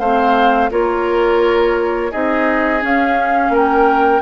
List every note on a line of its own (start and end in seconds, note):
0.00 0.71 A3
0.00 0.71 C4
0.00 0.71 C5
0.00 0.71 F5
0.71 2.13 A#3
0.71 2.12 F4
0.71 2.11 A#4
0.71 2.12 C#5
2.11 2.83 C4
2.11 2.81 D#4
2.11 3.53 G#4
2.11 2.83 D#5
2.81 4.23 C#4
2.81 3.50 C#4
2.81 3.56 F5
3.50 4.20 A#3
3.50 4.23 A#4
3.56 4.23 G5